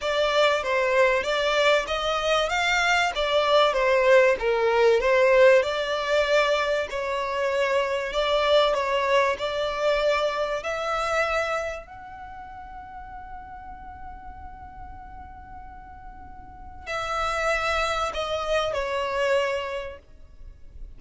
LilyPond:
\new Staff \with { instrumentName = "violin" } { \time 4/4 \tempo 4 = 96 d''4 c''4 d''4 dis''4 | f''4 d''4 c''4 ais'4 | c''4 d''2 cis''4~ | cis''4 d''4 cis''4 d''4~ |
d''4 e''2 fis''4~ | fis''1~ | fis''2. e''4~ | e''4 dis''4 cis''2 | }